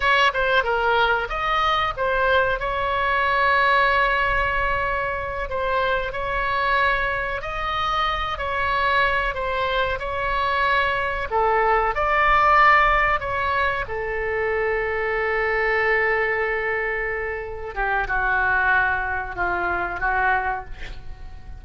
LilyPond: \new Staff \with { instrumentName = "oboe" } { \time 4/4 \tempo 4 = 93 cis''8 c''8 ais'4 dis''4 c''4 | cis''1~ | cis''8 c''4 cis''2 dis''8~ | dis''4 cis''4. c''4 cis''8~ |
cis''4. a'4 d''4.~ | d''8 cis''4 a'2~ a'8~ | a'2.~ a'8 g'8 | fis'2 f'4 fis'4 | }